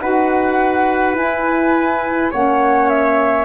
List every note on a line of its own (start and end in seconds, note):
0.00 1.14 D#4
0.00 1.16 F#4
0.00 2.31 B4
0.00 1.15 F#5
1.14 2.29 E4
1.14 2.32 E4
1.14 2.32 G#5
2.31 3.45 A#3
2.31 3.45 C#4
2.31 3.45 C#5
2.31 2.89 F#5
2.89 3.45 E5